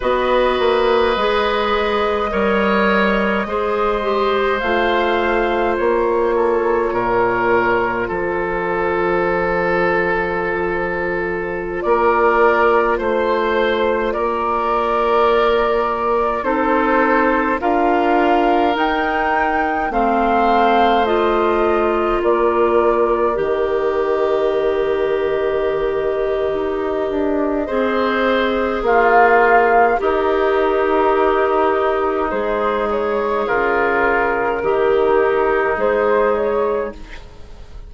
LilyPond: <<
  \new Staff \with { instrumentName = "flute" } { \time 4/4 \tempo 4 = 52 dis''1 | f''4 cis''2 c''4~ | c''2~ c''16 d''4 c''8.~ | c''16 d''2 c''4 f''8.~ |
f''16 g''4 f''4 dis''4 d''8.~ | d''16 dis''2.~ dis''8.~ | dis''4 f''4 ais'2 | c''8 cis''8 ais'2 c''8 cis''8 | }
  \new Staff \with { instrumentName = "oboe" } { \time 4/4 b'2 cis''4 c''4~ | c''4. a'8 ais'4 a'4~ | a'2~ a'16 ais'4 c''8.~ | c''16 ais'2 a'4 ais'8.~ |
ais'4~ ais'16 c''2 ais'8.~ | ais'1 | c''4 f'4 dis'2~ | dis'4 f'4 dis'2 | }
  \new Staff \with { instrumentName = "clarinet" } { \time 4/4 fis'4 gis'4 ais'4 gis'8 g'8 | f'1~ | f'1~ | f'2~ f'16 dis'4 f'8.~ |
f'16 dis'4 c'4 f'4.~ f'16~ | f'16 g'2.~ g'8. | gis'2 g'2 | gis'2 g'4 gis'4 | }
  \new Staff \with { instrumentName = "bassoon" } { \time 4/4 b8 ais8 gis4 g4 gis4 | a4 ais4 ais,4 f4~ | f2~ f16 ais4 a8.~ | a16 ais2 c'4 d'8.~ |
d'16 dis'4 a2 ais8.~ | ais16 dis2~ dis8. dis'8 d'8 | c'4 ais4 dis'2 | gis4 cis4 dis4 gis4 | }
>>